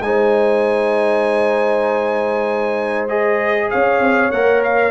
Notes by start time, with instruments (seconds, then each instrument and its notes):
0.00 tuba G#3, trombone D#4, horn C5, trumpet G#5
3.08 trombone G#4, trumpet D#5
3.71 tuba C#4, horn C#5, trumpet F5
4.00 tuba C4
4.31 tuba A#3, trombone A#4, trumpet F#5
4.63 trumpet F5